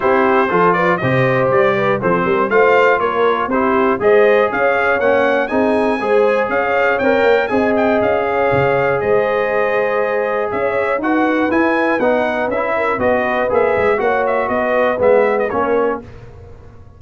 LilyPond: <<
  \new Staff \with { instrumentName = "trumpet" } { \time 4/4 \tempo 4 = 120 c''4. d''8 dis''4 d''4 | c''4 f''4 cis''4 c''4 | dis''4 f''4 fis''4 gis''4~ | gis''4 f''4 g''4 gis''8 g''8 |
f''2 dis''2~ | dis''4 e''4 fis''4 gis''4 | fis''4 e''4 dis''4 e''4 | fis''8 e''8 dis''4 e''8. dis''16 cis''4 | }
  \new Staff \with { instrumentName = "horn" } { \time 4/4 g'4 a'8 b'8 c''4. b'8 | a'8 ais'8 c''4 ais'4 g'4 | c''4 cis''2 gis'4 | c''4 cis''2 dis''4~ |
dis''8 cis''4. c''2~ | c''4 cis''4 b'2~ | b'4. ais'8 b'2 | cis''4 b'2 ais'4 | }
  \new Staff \with { instrumentName = "trombone" } { \time 4/4 e'4 f'4 g'2 | c'4 f'2 e'4 | gis'2 cis'4 dis'4 | gis'2 ais'4 gis'4~ |
gis'1~ | gis'2 fis'4 e'4 | dis'4 e'4 fis'4 gis'4 | fis'2 b4 cis'4 | }
  \new Staff \with { instrumentName = "tuba" } { \time 4/4 c'4 f4 c4 g4 | f8 g8 a4 ais4 c'4 | gis4 cis'4 ais4 c'4 | gis4 cis'4 c'8 ais8 c'4 |
cis'4 cis4 gis2~ | gis4 cis'4 dis'4 e'4 | b4 cis'4 b4 ais8 gis8 | ais4 b4 gis4 ais4 | }
>>